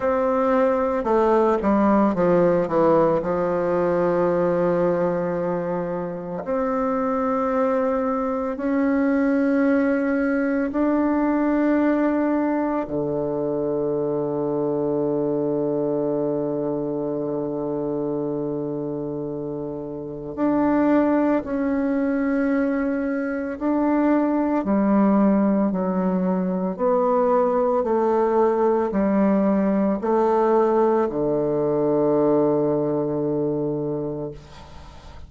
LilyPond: \new Staff \with { instrumentName = "bassoon" } { \time 4/4 \tempo 4 = 56 c'4 a8 g8 f8 e8 f4~ | f2 c'2 | cis'2 d'2 | d1~ |
d2. d'4 | cis'2 d'4 g4 | fis4 b4 a4 g4 | a4 d2. | }